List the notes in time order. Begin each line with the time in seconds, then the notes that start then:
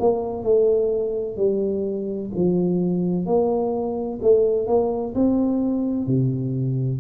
0.00 A#3
0.43 A3
1.37 G3
2.35 F3
3.26 A#3
4.22 A3
4.67 A#3
5.15 C4
6.07 C3